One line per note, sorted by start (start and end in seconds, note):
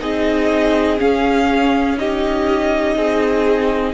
0.00 1.00 C4
0.00 0.98 D#4
0.00 1.98 G#4
0.00 1.00 D#5
0.98 1.97 C#4
0.98 2.97 C#4
0.98 1.99 F5
1.98 3.94 D#4
1.98 2.97 G4
1.98 3.94 D#5
2.97 3.94 C4
2.97 3.94 G#4